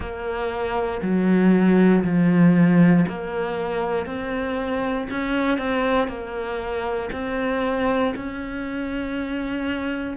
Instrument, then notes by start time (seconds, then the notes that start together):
cello
0.00 A#3
1.02 F#3
2.03 F3
3.08 A#3
4.06 C4
5.10 C#4
5.57 C4
6.07 A#3
7.12 C4
8.15 C#4